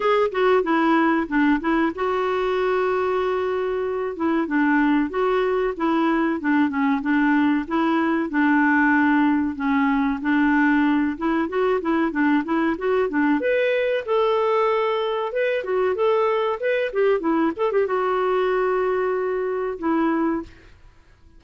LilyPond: \new Staff \with { instrumentName = "clarinet" } { \time 4/4 \tempo 4 = 94 gis'8 fis'8 e'4 d'8 e'8 fis'4~ | fis'2~ fis'8 e'8 d'4 | fis'4 e'4 d'8 cis'8 d'4 | e'4 d'2 cis'4 |
d'4. e'8 fis'8 e'8 d'8 e'8 | fis'8 d'8 b'4 a'2 | b'8 fis'8 a'4 b'8 g'8 e'8 a'16 g'16 | fis'2. e'4 | }